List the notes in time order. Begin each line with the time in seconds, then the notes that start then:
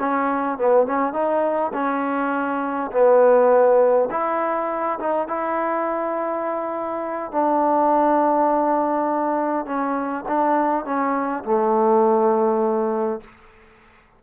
0.00 C#4
0.59 B3
0.87 C#4
1.13 D#4
1.74 C#4
2.92 B3
4.11 E4
5.00 D#4
5.28 E4
7.32 D4
9.66 C#4
10.29 D4
10.86 C#4
11.45 A3